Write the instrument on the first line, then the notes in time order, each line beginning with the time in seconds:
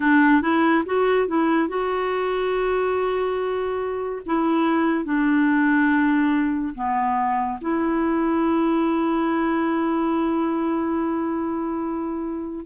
clarinet
0.00 D4
0.41 E4
0.85 F#4
1.27 E4
1.68 F#4
4.26 E4
5.04 D4
6.74 B3
7.61 E4